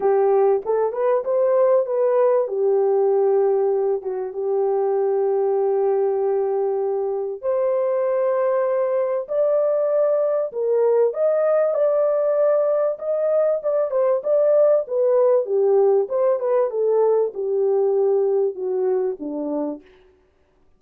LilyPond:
\new Staff \with { instrumentName = "horn" } { \time 4/4 \tempo 4 = 97 g'4 a'8 b'8 c''4 b'4 | g'2~ g'8 fis'8 g'4~ | g'1 | c''2. d''4~ |
d''4 ais'4 dis''4 d''4~ | d''4 dis''4 d''8 c''8 d''4 | b'4 g'4 c''8 b'8 a'4 | g'2 fis'4 d'4 | }